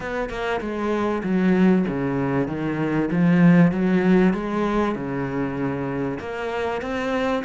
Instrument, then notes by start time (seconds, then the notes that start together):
cello
0.00 B3
0.29 A#3
0.60 G#3
1.23 F#3
1.88 C#3
2.47 D#3
3.11 F3
3.71 F#3
4.33 G#3
4.95 C#3
6.19 A#3
6.81 C4